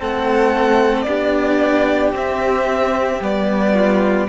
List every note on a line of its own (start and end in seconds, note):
0.00 1.05 A3
0.00 1.07 C4
0.00 1.07 A4
0.00 1.02 F#5
1.02 2.12 B3
1.02 2.14 D4
1.02 3.73 G4
1.02 2.09 D5
2.13 3.20 C4
2.13 3.22 C4
2.13 3.23 E5
3.21 4.28 G3
3.21 4.29 B3
3.21 4.29 D5
3.73 4.27 F4